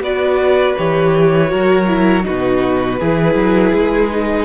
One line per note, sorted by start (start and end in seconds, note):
0.00 0.74 B3
0.00 0.76 F#4
0.00 1.51 B4
0.00 0.77 D5
0.77 1.52 E3
0.77 1.47 G4
0.77 2.25 C#5
1.47 2.26 F#3
1.47 1.84 F#4
1.47 2.25 A#4
1.87 2.23 E4
2.23 2.97 D#4
2.23 2.99 F#4
2.23 4.45 B4
2.29 3.00 B2
2.99 3.34 E3
2.99 4.10 E4
2.99 4.45 G#4
3.34 3.71 F#3
3.74 4.45 G#3
4.10 4.45 D#4